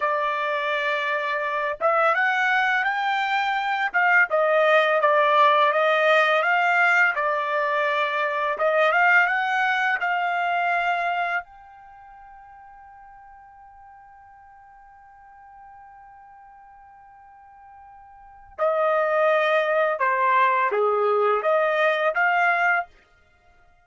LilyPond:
\new Staff \with { instrumentName = "trumpet" } { \time 4/4 \tempo 4 = 84 d''2~ d''8 e''8 fis''4 | g''4. f''8 dis''4 d''4 | dis''4 f''4 d''2 | dis''8 f''8 fis''4 f''2 |
g''1~ | g''1~ | g''2 dis''2 | c''4 gis'4 dis''4 f''4 | }